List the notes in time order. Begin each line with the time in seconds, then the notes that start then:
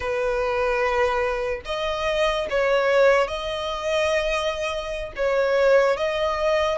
0.00 B4
1.65 D#5
2.50 C#5
3.27 D#5
5.16 C#5
5.96 D#5